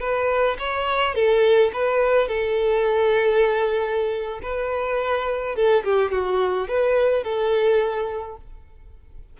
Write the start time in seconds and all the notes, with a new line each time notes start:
0.00 B4
0.59 C#5
1.15 A4
1.73 B4
2.28 A4
4.43 B4
5.55 A4
5.84 G4
6.12 F#4
6.68 B4
7.23 A4